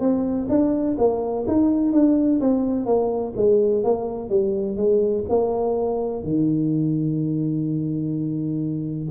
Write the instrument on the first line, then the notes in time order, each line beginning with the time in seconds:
tuba
0.00 C4
0.49 D4
0.98 A#3
1.48 D#4
1.93 D4
2.41 C4
2.86 A#3
3.36 G#3
3.84 A#3
4.29 G3
4.77 G#3
5.29 A#3
6.24 D#3